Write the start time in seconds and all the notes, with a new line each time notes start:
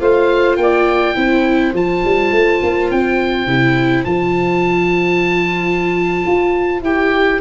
0.00 A3 F4 C5 F5
0.57 A#3 D5 G5
1.15 C4 E4 C5
1.74 F3 F4 A5
2.05 G3
2.32 A3
2.63 A#3
2.91 C4 G5
3.47 C3 E4
4.05 F3 F4 A5
6.27 F4
6.82 E4 G4 G5